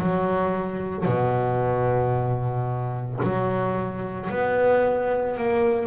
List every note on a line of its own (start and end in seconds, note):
0.00 1.06 F#3
1.06 3.20 B2
3.23 4.30 F#3
4.30 5.37 B3
5.37 5.86 A#3